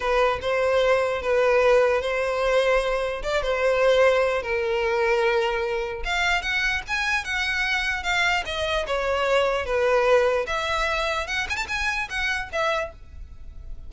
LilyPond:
\new Staff \with { instrumentName = "violin" } { \time 4/4 \tempo 4 = 149 b'4 c''2 b'4~ | b'4 c''2. | d''8 c''2~ c''8 ais'4~ | ais'2. f''4 |
fis''4 gis''4 fis''2 | f''4 dis''4 cis''2 | b'2 e''2 | fis''8 gis''16 a''16 gis''4 fis''4 e''4 | }